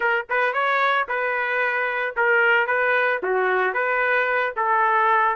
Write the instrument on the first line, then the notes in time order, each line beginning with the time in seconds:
trumpet
0.00 A#4
0.29 B4
0.53 C#5
1.08 B4
2.16 A#4
2.66 B4
3.22 F#4
3.73 B4
4.56 A4